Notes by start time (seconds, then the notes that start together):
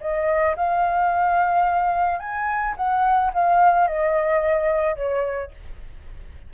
0.00 D#5
0.56 F5
2.19 G#5
2.76 F#5
3.33 F5
3.87 D#5
4.95 C#5